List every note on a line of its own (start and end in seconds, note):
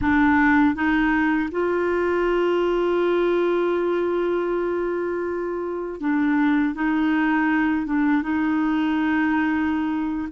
0.01 0.74 D4
0.74 1.49 D#4
1.51 6.00 F4
6.00 6.74 D4
6.74 7.86 D#4
7.86 8.22 D4
8.22 10.28 D#4